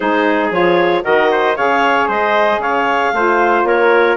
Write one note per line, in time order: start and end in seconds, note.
0.00 0.50 G#3
0.00 0.52 D#4
0.00 1.04 G#4
0.00 0.50 C5
0.50 1.02 F3
0.50 1.02 F4
0.50 1.04 C#5
1.02 1.57 D#3
1.02 1.54 F#4
1.02 1.30 A#4
1.02 1.56 D#5
1.31 1.56 C5
1.56 2.08 C#3
1.56 3.14 G#4
1.56 2.07 C#5
1.56 2.09 F5
2.07 2.58 G#3
2.07 2.60 C5
2.07 2.61 D#5
2.58 3.10 C#3
2.58 3.13 C#5
2.58 3.65 F5
3.12 3.63 A3
3.12 4.17 F4
3.12 3.67 C5
3.63 4.15 A#3
3.63 4.17 A#4
3.63 4.17 C#5